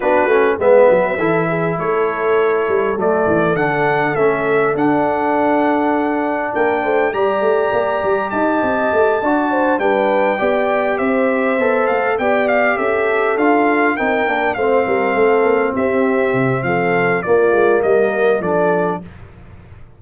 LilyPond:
<<
  \new Staff \with { instrumentName = "trumpet" } { \time 4/4 \tempo 4 = 101 b'4 e''2 cis''4~ | cis''4 d''4 fis''4 e''4 | fis''2. g''4 | ais''2 a''2~ |
a''8 g''2 e''4. | f''8 g''8 f''8 e''4 f''4 g''8~ | g''8 f''2 e''4. | f''4 d''4 dis''4 d''4 | }
  \new Staff \with { instrumentName = "horn" } { \time 4/4 fis'4 b'4 a'8 gis'8 a'4~ | a'1~ | a'2. ais'8 c''8 | d''2 dis''4. d''8 |
c''8 b'4 d''4 c''4.~ | c''8 d''4 a'2 ais'8~ | ais'8 c''8 ais'8 a'4 g'4. | a'4 f'4 ais'4 a'4 | }
  \new Staff \with { instrumentName = "trombone" } { \time 4/4 d'8 cis'8 b4 e'2~ | e'4 a4 d'4 cis'4 | d'1 | g'2.~ g'8 fis'8~ |
fis'8 d'4 g'2 a'8~ | a'8 g'2 f'4 dis'8 | d'8 c'2.~ c'8~ | c'4 ais2 d'4 | }
  \new Staff \with { instrumentName = "tuba" } { \time 4/4 b8 a8 gis8 fis8 e4 a4~ | a8 g8 fis8 e8 d4 a4 | d'2. ais8 a8 | g8 a8 ais8 g8 dis'8 c'8 a8 d'8~ |
d'8 g4 b4 c'4 b8 | a8 b4 cis'4 d'4 c'8 | ais8 a8 g8 a8 ais8 c'4 c8 | f4 ais8 gis8 g4 f4 | }
>>